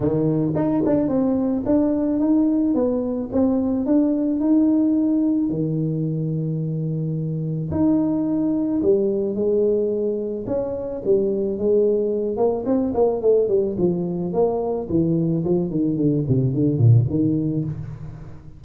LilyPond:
\new Staff \with { instrumentName = "tuba" } { \time 4/4 \tempo 4 = 109 dis4 dis'8 d'8 c'4 d'4 | dis'4 b4 c'4 d'4 | dis'2 dis2~ | dis2 dis'2 |
g4 gis2 cis'4 | g4 gis4. ais8 c'8 ais8 | a8 g8 f4 ais4 e4 | f8 dis8 d8 c8 d8 ais,8 dis4 | }